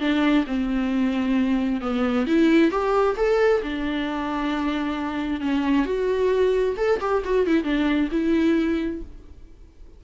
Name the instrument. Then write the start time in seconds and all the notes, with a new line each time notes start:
viola
0.00 D4
0.47 C4
1.81 B3
2.26 E4
2.71 G4
3.17 A4
3.63 D4
5.41 C#4
5.85 F#4
6.77 A4
7.00 G4
7.24 F#4
7.46 E4
7.64 D4
8.12 E4